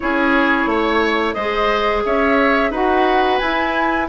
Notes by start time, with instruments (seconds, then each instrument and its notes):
0.00 bassoon C#4, clarinet E4, oboe G#4, flute C#5
0.66 bassoon A3, oboe C#5
1.33 bassoon G#3, oboe C5, flute D#5
1.39 clarinet G#4
2.05 bassoon C#4, oboe C#5, flute E5
2.70 bassoon D#4, clarinet F#4, oboe B4, flute F#5
3.38 bassoon E4, clarinet E4, flute G#5